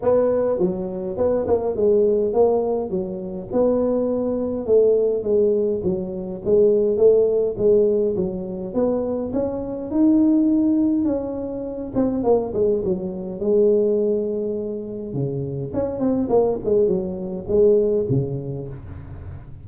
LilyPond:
\new Staff \with { instrumentName = "tuba" } { \time 4/4 \tempo 4 = 103 b4 fis4 b8 ais8 gis4 | ais4 fis4 b2 | a4 gis4 fis4 gis4 | a4 gis4 fis4 b4 |
cis'4 dis'2 cis'4~ | cis'8 c'8 ais8 gis8 fis4 gis4~ | gis2 cis4 cis'8 c'8 | ais8 gis8 fis4 gis4 cis4 | }